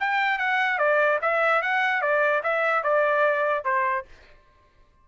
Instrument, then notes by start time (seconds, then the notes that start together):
trumpet
0.00 G5
0.38 F#5
0.78 D5
1.22 E5
1.62 F#5
2.02 D5
2.43 E5
2.83 D5
3.64 C5